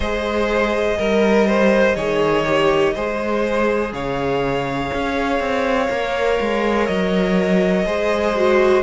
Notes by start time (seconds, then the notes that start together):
0.00 G#3 G#4 C5 D#5
0.97 G3 A#4
1.47 C5
1.95 D#3 G#4 C#5
2.45 G4
2.94 G#3 G#4 C5
3.92 C#3 C#5 F5
4.93 C#4
5.39 C4
5.90 A#3 A#4
6.40 G#3
6.86 F#3 D#5
7.85 G#3 G#4 C5
8.35 F#4